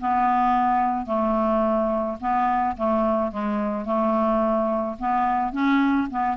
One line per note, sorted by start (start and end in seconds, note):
0.00 1.06 B3
1.06 2.17 A3
2.20 2.76 B3
2.76 3.31 A3
3.31 3.85 G#3
3.85 4.96 A3
4.99 5.52 B3
5.52 6.08 C#4
6.10 6.36 B3